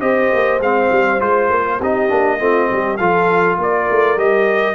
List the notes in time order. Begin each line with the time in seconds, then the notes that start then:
0.00 C4 G4 C5 D#5
0.33 A#3
0.59 G#3 C4 F5
0.91 G3
1.19 G#3 F4 C5
1.49 A#3
1.78 C4 D#4 G4 D#5
2.08 A#3 D4
2.38 A3 C4 F4
2.69 G3 G4
2.97 F3 F4 A4 F5
3.57 A#3 A#4 D5
3.90 A3
4.17 G3 G4 D#5